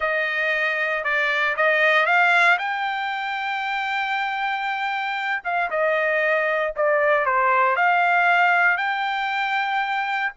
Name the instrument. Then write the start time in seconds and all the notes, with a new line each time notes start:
trumpet
0.00 D#5
1.03 D5
1.56 D#5
2.05 F5
2.58 G5
5.44 F5
5.70 D#5
6.76 D5
7.25 C5
7.75 F5
8.77 G5